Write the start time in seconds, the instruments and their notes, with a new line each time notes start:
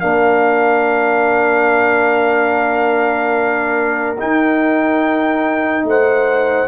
0.00 tuba A#3, trombone D4, horn A#4, trumpet F5
4.19 trombone D#4, tuba D#4, trumpet G5
5.84 tuba A3, horn C5, trumpet F#5